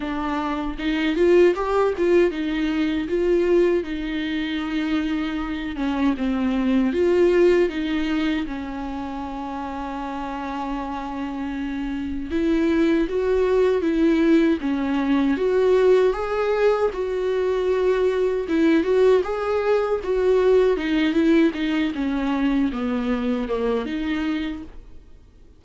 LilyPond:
\new Staff \with { instrumentName = "viola" } { \time 4/4 \tempo 4 = 78 d'4 dis'8 f'8 g'8 f'8 dis'4 | f'4 dis'2~ dis'8 cis'8 | c'4 f'4 dis'4 cis'4~ | cis'1 |
e'4 fis'4 e'4 cis'4 | fis'4 gis'4 fis'2 | e'8 fis'8 gis'4 fis'4 dis'8 e'8 | dis'8 cis'4 b4 ais8 dis'4 | }